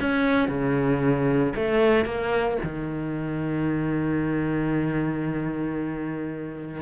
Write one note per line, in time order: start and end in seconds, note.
0.00 0.48 C#4
0.48 1.53 C#3
1.55 2.05 A3
2.05 2.58 A#3
2.63 6.81 D#3